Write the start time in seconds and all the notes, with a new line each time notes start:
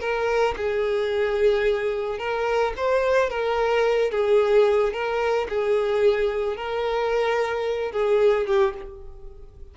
0.00 A#4
0.57 G#4
2.19 A#4
2.76 C5
3.30 A#4
4.11 G#4
4.93 A#4
5.49 G#4
6.57 A#4
7.92 G#4
8.47 G4